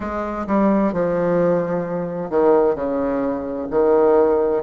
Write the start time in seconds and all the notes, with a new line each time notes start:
0.00 G#3
0.46 G3
0.92 F3
2.30 D#3
2.75 C#3
3.70 D#3